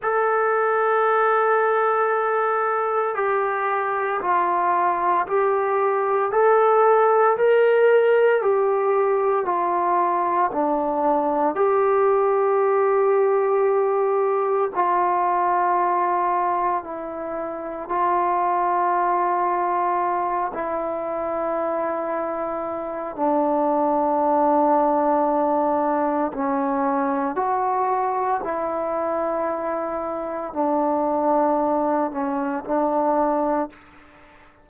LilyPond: \new Staff \with { instrumentName = "trombone" } { \time 4/4 \tempo 4 = 57 a'2. g'4 | f'4 g'4 a'4 ais'4 | g'4 f'4 d'4 g'4~ | g'2 f'2 |
e'4 f'2~ f'8 e'8~ | e'2 d'2~ | d'4 cis'4 fis'4 e'4~ | e'4 d'4. cis'8 d'4 | }